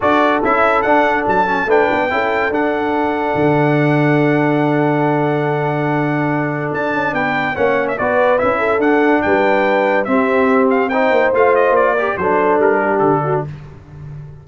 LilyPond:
<<
  \new Staff \with { instrumentName = "trumpet" } { \time 4/4 \tempo 4 = 143 d''4 e''4 fis''4 a''4 | g''2 fis''2~ | fis''1~ | fis''1 |
a''4 g''4 fis''8. e''16 d''4 | e''4 fis''4 g''2 | e''4. f''8 g''4 f''8 dis''8 | d''4 c''4 ais'4 a'4 | }
  \new Staff \with { instrumentName = "horn" } { \time 4/4 a'1 | b'4 a'2.~ | a'1~ | a'1~ |
a'4 b'4 cis''4 b'4~ | b'8 a'4. b'2 | g'2 c''2~ | c''8 ais'8 a'4. g'4 fis'8 | }
  \new Staff \with { instrumentName = "trombone" } { \time 4/4 fis'4 e'4 d'4. cis'8 | d'4 e'4 d'2~ | d'1~ | d'1~ |
d'2 cis'4 fis'4 | e'4 d'2. | c'2 dis'4 f'4~ | f'8 g'8 d'2. | }
  \new Staff \with { instrumentName = "tuba" } { \time 4/4 d'4 cis'4 d'4 fis4 | a8 b8 cis'4 d'2 | d1~ | d1 |
d'8 cis'8 b4 ais4 b4 | cis'4 d'4 g2 | c'2~ c'8 ais8 a4 | ais4 fis4 g4 d4 | }
>>